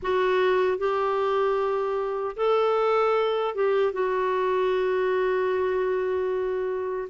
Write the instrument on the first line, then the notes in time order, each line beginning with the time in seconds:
clarinet
0.02 F#4
0.78 G4
2.36 A4
3.54 G4
3.92 F#4